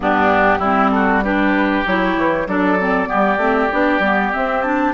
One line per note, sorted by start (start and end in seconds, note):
0.00 0.59 G2
0.00 0.62 B3
0.00 0.58 D4
0.00 0.91 G4
0.58 1.83 G3
0.58 1.24 C4
0.58 0.89 E4
0.91 1.24 F#4
0.91 1.22 A4
1.23 1.86 D4
1.23 2.47 G4
1.23 1.85 B4
1.86 2.16 F#3
1.86 2.47 E4
1.86 2.47 C#5
2.16 2.46 E3
2.46 3.08 F#3
2.46 2.78 D4
2.46 3.08 A4
2.46 4.33 D5
2.79 3.06 C4
3.06 3.37 B3
3.06 4.93 G4
3.13 3.37 G3
3.37 3.68 A3
3.37 3.70 C4
3.70 3.99 B3
3.70 4.01 D4
3.99 4.30 G3
3.99 4.33 B3
4.33 4.63 C4
4.33 4.93 C4
4.33 4.61 E5
4.61 4.93 D4
4.61 4.92 A5